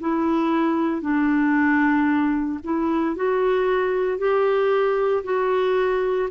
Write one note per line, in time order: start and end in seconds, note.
0.00 1.01 E4
1.01 2.59 D4
2.64 3.15 E4
3.15 4.18 F#4
4.18 5.23 G4
5.23 6.29 F#4